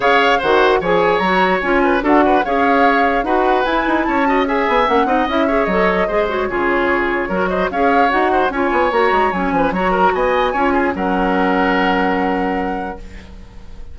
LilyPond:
<<
  \new Staff \with { instrumentName = "flute" } { \time 4/4 \tempo 4 = 148 f''4 fis''4 gis''4 ais''4 | gis''4 fis''4 f''2 | fis''4 gis''4 a''4 gis''4 | fis''4 e''4 dis''4. cis''8~ |
cis''2~ cis''8 dis''8 f''4 | fis''4 gis''4 ais''4 gis''4 | ais''4 gis''2 fis''4~ | fis''1 | }
  \new Staff \with { instrumentName = "oboe" } { \time 4/4 cis''4 c''4 cis''2~ | cis''8 b'8 a'8 b'8 cis''2 | b'2 cis''8 dis''8 e''4~ | e''8 dis''4 cis''4. c''4 |
gis'2 ais'8 c''8 cis''4~ | cis''8 c''8 cis''2~ cis''8 b'8 | cis''8 ais'8 dis''4 cis''8 gis'8 ais'4~ | ais'1 | }
  \new Staff \with { instrumentName = "clarinet" } { \time 4/4 gis'4 fis'4 gis'4 fis'4 | f'4 fis'4 gis'2 | fis'4 e'4. fis'8 gis'4 | cis'8 dis'8 e'8 gis'8 a'4 gis'8 fis'8 |
f'2 fis'4 gis'4 | fis'4 f'4 fis'4 cis'4 | fis'2 f'4 cis'4~ | cis'1 | }
  \new Staff \with { instrumentName = "bassoon" } { \time 4/4 cis4 dis4 f4 fis4 | cis'4 d'4 cis'2 | dis'4 e'8 dis'8 cis'4. b8 | ais8 c'8 cis'4 fis4 gis4 |
cis2 fis4 cis'4 | dis'4 cis'8 b8 ais8 gis8 fis8 f8 | fis4 b4 cis'4 fis4~ | fis1 | }
>>